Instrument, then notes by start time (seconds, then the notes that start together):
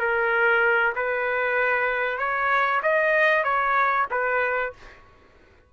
trumpet
0.00 A#4
0.96 B4
2.19 C#5
2.83 D#5
3.44 C#5
4.11 B4